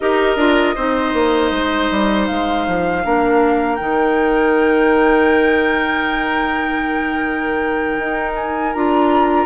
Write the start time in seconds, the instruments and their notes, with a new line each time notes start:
0.00 bassoon D#4, clarinet G4, oboe A#4, flute D#5
0.36 bassoon D4, clarinet F4
0.75 bassoon C4, clarinet D#4, oboe C5
1.13 bassoon A#3
1.51 bassoon G#3
1.91 bassoon G3
2.26 bassoon G#3, flute F5
2.67 bassoon F3
3.03 bassoon A#3, clarinet D4, oboe A#4
3.75 bassoon D#3, clarinet D#4, flute G5
7.98 bassoon D#4
8.35 flute G#5
8.73 bassoon D4, clarinet F4, flute A#5